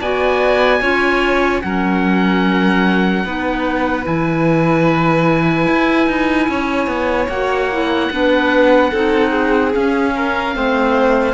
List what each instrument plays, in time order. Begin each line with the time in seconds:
0.00 cello B3, clarinet F#4, violin D5, oboe G#5
0.81 cello C#4, clarinet F4, violin C#5
1.61 cello F#3, clarinet C#4, violin A#4, oboe F#5
3.24 cello B3, clarinet D#4, violin B4
4.03 cello E3, clarinet E4, oboe G#5
5.66 cello E4
6.07 cello D#4
6.48 cello C#4, violin C#5
6.86 cello B3
7.28 cello A#3, clarinet F#4, oboe F#5
7.71 clarinet E4
8.10 cello B3, clarinet D4, violin B4
8.91 cello C4, clarinet D#4, violin A4
9.30 violin G#4
9.72 clarinet C#4, cello C#4, oboe F5
10.15 violin A#4
10.53 cello A3, clarinet C4, violin C5